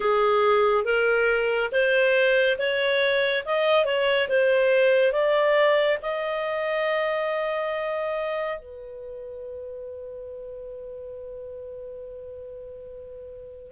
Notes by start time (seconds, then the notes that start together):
0.00 G#4
0.84 A#4
1.71 C5
2.58 C#5
3.45 D#5
3.85 C#5
4.29 C5
5.12 D5
6.02 D#5
8.59 B4